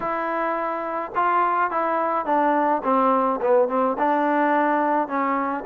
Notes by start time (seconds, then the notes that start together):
0.00 E4
1.15 F4
1.71 E4
2.25 D4
2.83 C4
3.41 B3
3.68 C4
3.98 D4
5.07 C#4